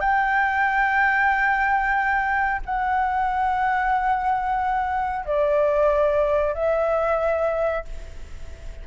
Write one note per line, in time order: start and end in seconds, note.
0.00 2.61 G5
2.65 5.25 F#5
5.25 6.54 D5
6.54 7.84 E5